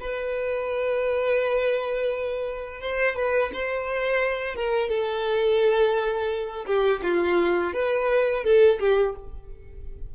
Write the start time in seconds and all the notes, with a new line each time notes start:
0.00 B4
2.81 C5
3.16 B4
3.53 C5
4.55 A#4
4.89 A4
6.66 G4
7.03 F4
7.73 B4
8.44 A4
8.79 G4